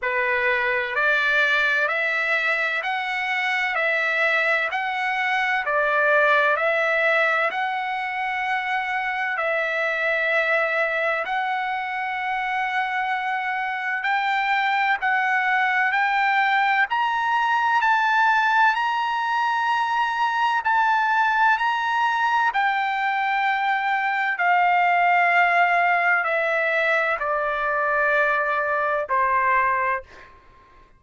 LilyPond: \new Staff \with { instrumentName = "trumpet" } { \time 4/4 \tempo 4 = 64 b'4 d''4 e''4 fis''4 | e''4 fis''4 d''4 e''4 | fis''2 e''2 | fis''2. g''4 |
fis''4 g''4 ais''4 a''4 | ais''2 a''4 ais''4 | g''2 f''2 | e''4 d''2 c''4 | }